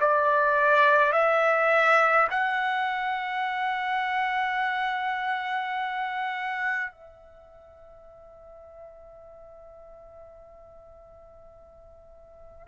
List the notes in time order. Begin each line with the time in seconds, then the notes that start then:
0.00 D5
1.12 E5
2.30 F#5
6.91 E5